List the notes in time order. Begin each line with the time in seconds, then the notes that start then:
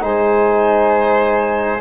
0.00 G#3 D#4 C5 G#5